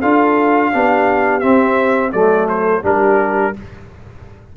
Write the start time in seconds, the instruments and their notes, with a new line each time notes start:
0.00 tuba D4, trombone F4, horn A4, trumpet F5
0.73 tuba B3, trombone D4, horn G4
1.40 trombone C4, tuba C4, trumpet E5
2.12 tuba F#3, trombone A3, horn A4, trumpet D5
2.49 trumpet C5
2.83 tuba G3, trombone D4, horn G4, trumpet A#4